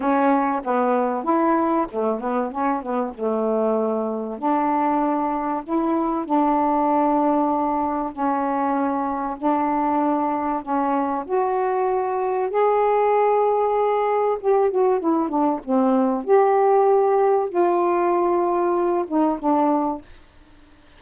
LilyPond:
\new Staff \with { instrumentName = "saxophone" } { \time 4/4 \tempo 4 = 96 cis'4 b4 e'4 a8 b8 | cis'8 b8 a2 d'4~ | d'4 e'4 d'2~ | d'4 cis'2 d'4~ |
d'4 cis'4 fis'2 | gis'2. g'8 fis'8 | e'8 d'8 c'4 g'2 | f'2~ f'8 dis'8 d'4 | }